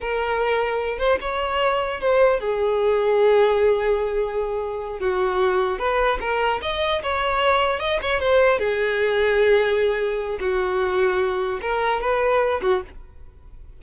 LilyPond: \new Staff \with { instrumentName = "violin" } { \time 4/4 \tempo 4 = 150 ais'2~ ais'8 c''8 cis''4~ | cis''4 c''4 gis'2~ | gis'1~ | gis'8 fis'2 b'4 ais'8~ |
ais'8 dis''4 cis''2 dis''8 | cis''8 c''4 gis'2~ gis'8~ | gis'2 fis'2~ | fis'4 ais'4 b'4. fis'8 | }